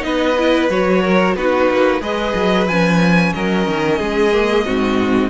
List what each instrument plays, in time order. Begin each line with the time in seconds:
0.00 cello B3, viola D#4, violin B4 D#5
0.39 viola E4
0.69 cello F#3, viola F#4, violin C#5
1.03 violin A#4
1.35 cello B3, viola D#4, violin F#4 B4
1.71 cello A#3
2.01 cello G#3, viola G#4, violin B4 D#5
2.35 cello F#3
2.68 cello F3, viola C#4, violin G#5
3.33 cello F#3, violin A#4 D#5
3.67 cello D#3
3.99 cello G#3, violin G#4
4.32 viola A#3
4.65 cello G#2, viola C4, violin F#4